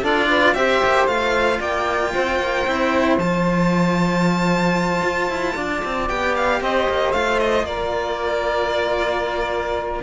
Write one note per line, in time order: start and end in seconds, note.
0.00 0.54 D4
0.00 0.55 F4
0.00 0.26 A4
0.00 0.53 D5
0.28 0.55 B4
0.53 0.80 C4
0.53 1.07 G4
0.53 1.59 C5
0.53 1.06 E5
0.84 1.06 A#3
1.06 1.59 A3
1.06 2.65 F4
1.06 1.59 F5
1.59 2.12 A#3
1.59 2.11 D5
1.59 3.18 G5
2.13 2.39 C4
2.13 5.55 C5
2.39 2.65 A#3
2.66 3.17 C4
2.66 3.19 E4
3.17 5.01 F3
3.17 6.09 F4
3.17 6.08 A5
5.03 5.29 F4
5.29 5.55 E4
5.55 5.82 D4
5.55 6.60 D5
5.84 6.09 C4
6.08 6.61 B3
6.08 7.14 G4
6.08 6.35 G5
6.36 6.62 F5
6.61 6.87 C4
6.61 7.66 C5
6.61 7.12 D#5
6.88 7.12 A#3
7.12 7.63 A3
7.12 10.03 F4
7.12 7.38 F5
7.39 7.65 D#5
7.63 10.00 A#3
7.63 10.03 A#4
7.63 10.02 D5